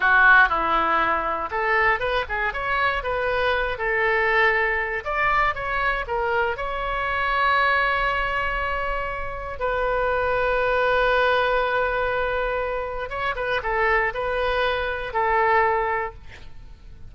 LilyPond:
\new Staff \with { instrumentName = "oboe" } { \time 4/4 \tempo 4 = 119 fis'4 e'2 a'4 | b'8 gis'8 cis''4 b'4. a'8~ | a'2 d''4 cis''4 | ais'4 cis''2.~ |
cis''2. b'4~ | b'1~ | b'2 cis''8 b'8 a'4 | b'2 a'2 | }